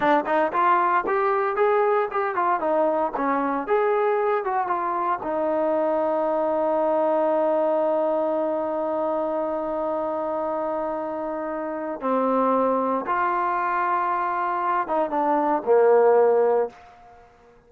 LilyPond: \new Staff \with { instrumentName = "trombone" } { \time 4/4 \tempo 4 = 115 d'8 dis'8 f'4 g'4 gis'4 | g'8 f'8 dis'4 cis'4 gis'4~ | gis'8 fis'8 f'4 dis'2~ | dis'1~ |
dis'1~ | dis'2. c'4~ | c'4 f'2.~ | f'8 dis'8 d'4 ais2 | }